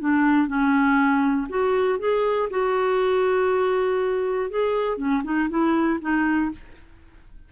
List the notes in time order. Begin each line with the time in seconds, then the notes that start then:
0.00 D4
0.47 C#4
1.49 F#4
1.99 G#4
2.50 F#4
4.50 G#4
4.97 C#4
5.24 D#4
5.49 E4
6.01 D#4